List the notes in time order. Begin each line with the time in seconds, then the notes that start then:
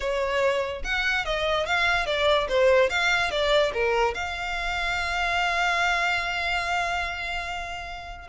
0.00 C#5
0.84 F#5
1.25 D#5
1.66 F5
2.06 D5
2.48 C5
2.89 F5
3.30 D5
3.73 A#4
4.14 F5